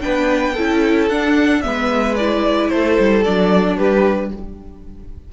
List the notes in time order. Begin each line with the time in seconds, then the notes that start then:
0.00 B3 D4 B4 G5
0.54 C#4 E4 A4
1.09 D4 F#5
1.61 G#3 B3 B4 E5
2.16 E4 D5
2.69 A3 A4 C5
2.99 G3
3.24 F#3 D4 D5
3.76 G3 G4 B4